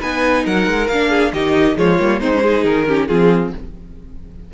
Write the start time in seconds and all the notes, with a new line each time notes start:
0.00 B3 D#4 B4 G#5
0.45 F#3 A#4 F#5
0.67 G#3
0.88 A#3 D4 F5
1.09 G#4
1.33 D#3 D#4 G4 D#5
1.75 F3 G#3 F4 C#5
1.99 G3 A#3
2.20 G#3 C4 D#4 C5
2.34 C#4
2.43 D#4 G#4
2.64 D#3 A#4
2.88 C#4 G4
3.07 F3 C4 F4 G#4